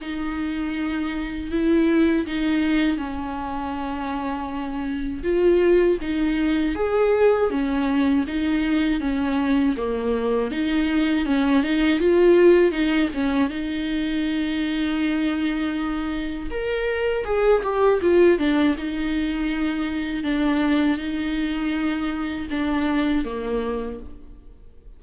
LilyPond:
\new Staff \with { instrumentName = "viola" } { \time 4/4 \tempo 4 = 80 dis'2 e'4 dis'4 | cis'2. f'4 | dis'4 gis'4 cis'4 dis'4 | cis'4 ais4 dis'4 cis'8 dis'8 |
f'4 dis'8 cis'8 dis'2~ | dis'2 ais'4 gis'8 g'8 | f'8 d'8 dis'2 d'4 | dis'2 d'4 ais4 | }